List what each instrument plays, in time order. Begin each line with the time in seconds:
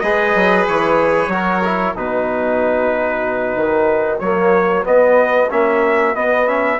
0.00 bassoon G#3, trombone G#4, violin B4, trumpet D#5
0.35 bassoon F#3
0.68 bassoon E3, trumpet C#5
1.28 bassoon F#3, trombone F#4, violin A#4
1.65 trombone E4
1.96 bassoon B2, trombone D#4, violin F#4, trumpet B4
3.56 bassoon D#3
4.20 bassoon F#3, trombone A#3, trumpet C#5
4.84 trombone B3, bassoon B3, trumpet D#5
5.51 bassoon A#3, trombone C#4, trumpet E5
6.15 bassoon B3, trombone B3, trumpet D#5
6.47 trombone C#4, trumpet E5